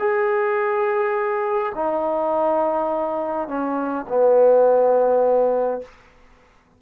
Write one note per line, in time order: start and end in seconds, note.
0.00 1.73 G#4
1.76 3.48 D#4
3.48 4.06 C#4
4.09 5.82 B3